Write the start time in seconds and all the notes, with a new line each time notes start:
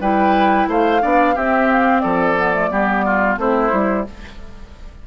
0.00 G3 E4 B4 G5
0.68 A3 C5 F5
1.01 B3 D4 D5
1.35 C4 G4 E5
1.72 F5
2.00 F3 A4 D5
2.37 B3
2.54 A3
2.71 G3 B3 G4
3.05 F4
3.37 A3 C4 E4 C5
3.71 G3 E4